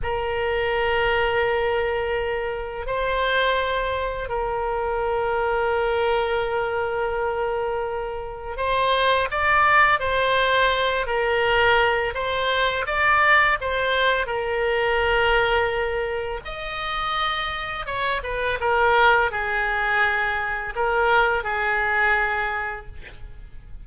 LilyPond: \new Staff \with { instrumentName = "oboe" } { \time 4/4 \tempo 4 = 84 ais'1 | c''2 ais'2~ | ais'1 | c''4 d''4 c''4. ais'8~ |
ais'4 c''4 d''4 c''4 | ais'2. dis''4~ | dis''4 cis''8 b'8 ais'4 gis'4~ | gis'4 ais'4 gis'2 | }